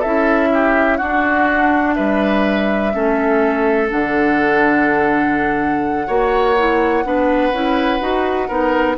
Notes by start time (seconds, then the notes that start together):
0.00 C#4 E4 A4 E5
0.54 G4
0.98 D4 F#4 F#5
1.95 G3 B4 E5
2.93 A3 C#4 A4
3.90 D3 D4 F#5
6.07 A#3 F#4 C#5
6.58 E4
7.05 B3 D4 B4
7.52 C#4 E4
8.01 D#4 F#4
8.48 B3 D#4 A#4